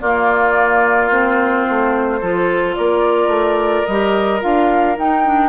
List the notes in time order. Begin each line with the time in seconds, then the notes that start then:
0.00 A#3 F4 D5
1.10 C4 C5
1.69 A3
2.20 F3 F4 A4
2.75 A#3 A#4 D5
3.27 A3
3.86 G3 G4 D#5
4.40 D4 F4 F5
4.97 D#4 G5
5.25 D4